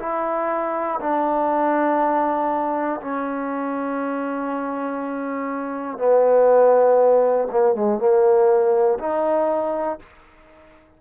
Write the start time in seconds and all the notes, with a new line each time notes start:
0.00 E4
1.00 D4
3.00 C#4
5.98 B3
7.51 A#3
7.75 G#3
7.98 A#3
8.99 D#4